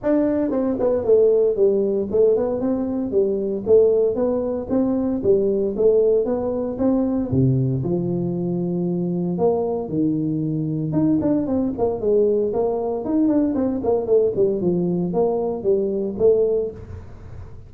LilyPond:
\new Staff \with { instrumentName = "tuba" } { \time 4/4 \tempo 4 = 115 d'4 c'8 b8 a4 g4 | a8 b8 c'4 g4 a4 | b4 c'4 g4 a4 | b4 c'4 c4 f4~ |
f2 ais4 dis4~ | dis4 dis'8 d'8 c'8 ais8 gis4 | ais4 dis'8 d'8 c'8 ais8 a8 g8 | f4 ais4 g4 a4 | }